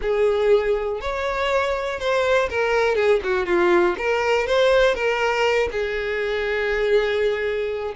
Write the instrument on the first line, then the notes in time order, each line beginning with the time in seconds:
violin
0.01 G#4
1.01 C#5
1.99 C5
2.50 A#4
2.95 G#4
3.23 F#4
3.46 F4
3.97 A#4
4.47 C5
4.95 A#4
5.71 G#4